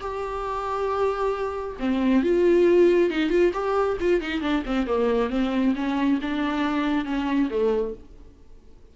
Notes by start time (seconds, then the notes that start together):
0.00 G4
1.79 C4
2.23 F4
3.10 D#4
3.29 F4
3.53 G4
4.00 F4
4.21 D#4
4.41 D4
4.66 C4
4.86 A#3
5.30 C4
5.75 C#4
6.21 D4
7.05 C#4
7.50 A3